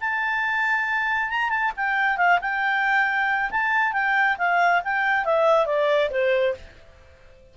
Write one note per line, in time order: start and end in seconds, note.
0.00 1.30 A5
1.30 1.50 A#5
1.50 1.72 A5
1.76 2.17 G5
2.17 2.39 F5
2.41 3.50 G5
3.51 3.93 A5
3.93 4.37 G5
4.38 4.82 F5
4.84 5.25 G5
5.25 5.66 E5
5.66 6.10 D5
6.10 6.54 C5